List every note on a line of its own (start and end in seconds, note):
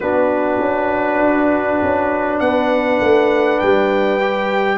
0.00 0.59 B3
0.00 4.21 D4
0.00 2.41 F#4
0.00 2.39 B4
0.59 1.19 C#4
1.19 1.79 D4
1.82 2.40 C#4
2.39 3.00 B3
2.39 4.78 B4
2.39 3.58 F#5
3.00 3.60 A3
3.58 4.78 G3
3.58 4.78 G5
4.21 4.78 G4